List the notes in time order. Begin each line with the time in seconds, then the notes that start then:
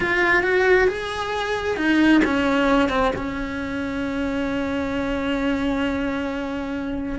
0.00 F4
0.43 F#4
0.87 G#4
1.77 D#4
2.24 C#4
2.89 C4
3.15 C#4